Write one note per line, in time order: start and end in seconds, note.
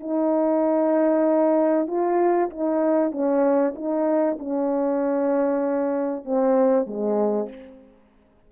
0.00 1.87 D#4
1.87 2.49 F4
2.50 3.11 D#4
3.11 3.74 C#4
3.75 4.38 D#4
4.39 6.25 C#4
6.25 6.86 C4
6.86 7.49 G#3